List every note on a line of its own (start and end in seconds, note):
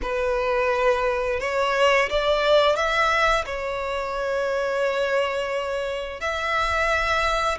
0.02 1.39 B4
1.39 2.09 C#5
2.09 2.76 D5
2.76 3.45 E5
3.45 6.20 C#5
6.20 7.58 E5